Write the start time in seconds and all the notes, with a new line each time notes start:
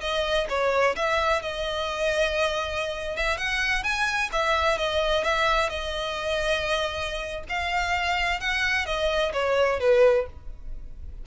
0.00 D#5
0.49 C#5
0.95 E5
1.41 D#5
3.16 E5
3.37 F#5
3.83 G#5
4.32 E5
4.77 D#5
5.23 E5
5.69 D#5
7.48 F5
8.40 F#5
8.85 D#5
9.33 C#5
9.79 B4